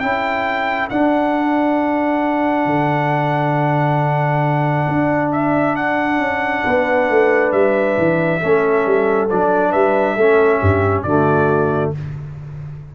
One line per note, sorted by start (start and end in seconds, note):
0.00 0.90 C#4
0.00 0.90 E4
0.00 6.64 A4
0.00 0.88 G5
0.90 8.41 D4
0.90 2.66 D4
0.90 5.31 F#5
2.66 4.86 D3
4.88 6.19 D4
5.32 5.76 E5
5.76 7.52 F#5
6.19 6.63 C#4
6.64 7.10 B3
6.64 8.41 B4
7.10 7.53 A3
7.52 7.97 G3
7.52 9.29 E5
7.98 8.42 E3
8.41 8.86 A3
8.41 9.29 C#4
8.41 9.71 A4
8.86 9.30 G3
9.30 9.74 F#3
9.30 10.18 D4
9.30 9.72 D5
9.71 10.17 G3
9.71 10.15 B4
9.71 11.03 E5
10.17 10.61 A3
10.17 11.07 C#4
10.17 10.60 A4
10.60 11.05 G2
10.60 11.04 G4
11.03 11.93 D3
11.03 11.96 A3
11.03 11.94 F#4
11.03 11.91 D5